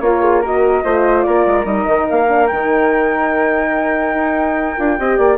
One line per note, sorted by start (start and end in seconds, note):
0.00 0.83 A#3
0.00 0.41 F4
0.00 0.21 A#4
0.00 0.42 C#5
0.21 0.42 G#4
0.41 0.83 F#4
0.41 0.83 A#4
0.41 1.22 D#5
0.83 1.25 A3
0.83 1.64 F4
0.83 1.25 C5
1.22 1.46 A#3
1.22 4.98 A#4
1.22 1.64 D5
1.46 1.64 G#3
1.64 1.85 G3
1.64 2.26 D#4
1.64 2.06 D#5
1.87 2.07 D#3
2.09 2.51 A#3
2.09 2.47 F5
2.28 2.49 D4
2.47 4.14 D#3
2.47 4.77 D#4
2.47 5.36 G5
4.14 4.76 D#4
4.77 4.99 D4
4.77 4.97 F4
4.98 5.18 C4
4.98 5.38 G4
4.98 5.17 D#5
5.17 5.38 A#3
5.17 5.37 D5